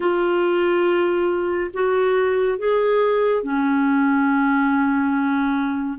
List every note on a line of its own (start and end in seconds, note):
0.00 1.71 F4
1.73 2.58 F#4
2.58 3.43 G#4
3.43 5.98 C#4